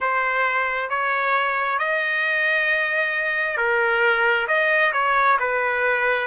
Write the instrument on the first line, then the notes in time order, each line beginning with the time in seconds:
trumpet
0.00 C5
0.90 C#5
1.79 D#5
3.57 A#4
4.47 D#5
4.93 C#5
5.39 B4